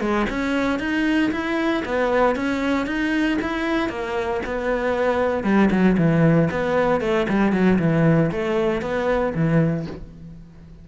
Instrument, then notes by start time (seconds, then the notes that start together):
cello
0.00 G#3
0.29 C#4
0.79 D#4
1.31 E4
1.85 B3
2.35 C#4
2.86 D#4
3.41 E4
3.89 A#3
4.45 B3
5.43 G3
5.70 F#3
5.97 E3
6.51 B3
7.01 A3
7.29 G3
7.52 F#3
7.79 E3
8.31 A3
8.81 B3
9.34 E3